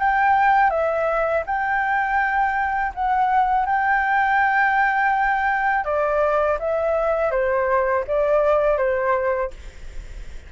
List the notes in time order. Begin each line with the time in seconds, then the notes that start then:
0.00 G5
0.71 E5
1.47 G5
2.95 F#5
3.66 G5
5.85 D5
6.60 E5
7.31 C5
8.08 D5
8.78 C5